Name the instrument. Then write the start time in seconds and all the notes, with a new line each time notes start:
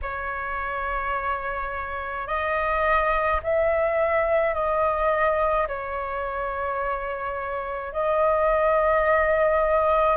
flute
0.02 C#5
2.27 D#5
3.43 E5
4.53 D#5
5.67 C#5
7.92 D#5